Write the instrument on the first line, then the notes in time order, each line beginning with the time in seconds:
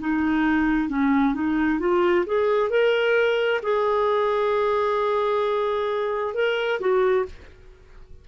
clarinet
0.00 D#4
0.90 C#4
1.35 D#4
1.80 F4
2.27 G#4
2.70 A#4
3.63 G#4
6.35 A#4
6.81 F#4